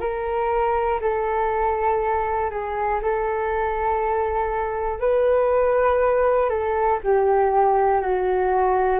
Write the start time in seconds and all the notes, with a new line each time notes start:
0.00 A#4
1.00 A4
2.50 G#4
3.02 A4
5.00 B4
6.50 A4
7.03 G4
8.01 F#4